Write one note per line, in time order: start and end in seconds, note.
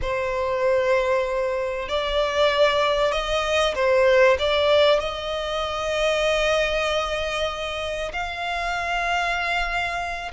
0.01 1.88 C5
1.88 3.12 D5
3.12 3.74 D#5
3.74 4.37 C5
4.38 4.99 D5
4.99 8.12 D#5
8.12 10.31 F5